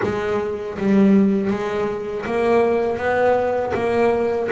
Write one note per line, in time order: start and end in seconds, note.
0.02 0.77 G#3
0.78 1.50 G3
1.50 2.25 G#3
2.25 2.97 A#3
2.97 3.72 B3
3.74 4.49 A#3